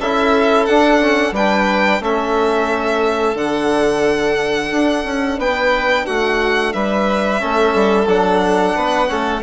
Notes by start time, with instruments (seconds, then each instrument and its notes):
0.00 bassoon C#4, trombone E4, violin A4 E5
0.66 bassoon D4, trombone D4, violin F#5
1.01 trombone C#4
1.32 bassoon G3, trombone D4, violin B4 G5
2.00 bassoon A3, trombone C#4, violin A4 E5
3.35 bassoon D3, trombone D4, violin F#5
4.72 bassoon D4
5.04 bassoon C#4
5.38 bassoon B3, violin B4 G5
6.06 bassoon A3, violin F#4 F#5
6.73 bassoon G3, violin B4 E5
7.39 bassoon A3, trombone C#4, violin A4
7.74 bassoon G3
8.07 bassoon F#3, trombone D4, violin F#5
8.76 bassoon B3, violin B4
9.08 bassoon A3, trombone C#4, violin A4